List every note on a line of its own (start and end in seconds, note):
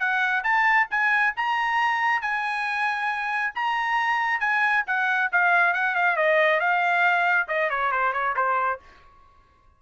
0.00 0.44 F#5
0.44 0.88 A5
0.91 1.35 G#5
1.37 2.22 A#5
2.22 3.54 G#5
3.55 4.40 A#5
4.40 4.84 G#5
4.87 5.31 F#5
5.32 5.74 F5
5.74 5.96 F#5
5.96 6.17 F5
6.17 6.60 D#5
6.60 7.48 F5
7.49 7.70 D#5
7.71 7.92 C#5
7.92 8.13 C5
8.13 8.35 C#5
8.36 8.80 C5